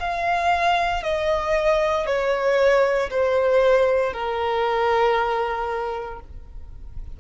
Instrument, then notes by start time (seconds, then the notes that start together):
violin
0.00 F5
1.03 D#5
2.07 C#5
3.10 C5
4.13 A#4